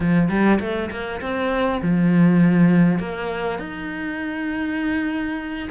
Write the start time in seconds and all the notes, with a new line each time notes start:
0.00 F3
0.29 G3
0.60 A3
0.90 A#3
1.21 C4
1.82 F3
2.99 A#3
3.58 D#4